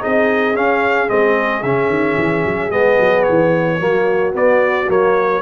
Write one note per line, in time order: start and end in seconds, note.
0.00 0.54 D#4
0.00 3.79 G#4
0.00 0.57 D#5
0.06 0.55 C4
0.55 1.09 C#4
0.55 1.10 F5
1.09 1.63 G#3
1.09 1.63 C4
1.09 1.64 D#5
1.63 1.89 C#3
1.63 2.72 C#4
1.63 2.72 E5
1.89 2.16 D#3
2.18 2.45 E3
2.45 2.70 F#3
2.70 2.97 G#3
2.70 3.80 B3
2.70 3.24 D#5
3.00 3.27 F#3
3.24 3.81 E3
3.24 4.32 C#5
3.80 4.35 F#3
3.80 4.33 A#3
3.80 5.42 F#4
4.33 4.87 B3
4.33 4.89 B3
4.33 4.91 D5
4.88 5.42 F#3
4.88 5.42 A#3
4.88 5.42 C#5